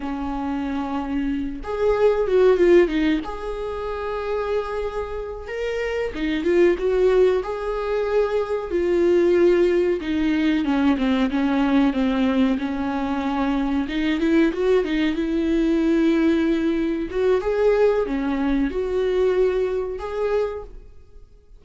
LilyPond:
\new Staff \with { instrumentName = "viola" } { \time 4/4 \tempo 4 = 93 cis'2~ cis'8 gis'4 fis'8 | f'8 dis'8 gis'2.~ | gis'8 ais'4 dis'8 f'8 fis'4 gis'8~ | gis'4. f'2 dis'8~ |
dis'8 cis'8 c'8 cis'4 c'4 cis'8~ | cis'4. dis'8 e'8 fis'8 dis'8 e'8~ | e'2~ e'8 fis'8 gis'4 | cis'4 fis'2 gis'4 | }